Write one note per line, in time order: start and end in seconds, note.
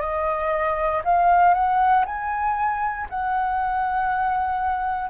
0.00 1.02 D#5
1.04 1.53 F5
1.53 2.04 F#5
2.05 3.07 G#5
3.09 5.09 F#5